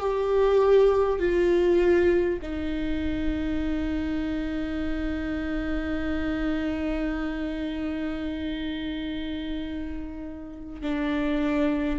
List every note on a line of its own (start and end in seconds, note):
0.00 1.19 G4
1.19 2.39 F4
2.42 10.82 D#4
10.82 11.99 D4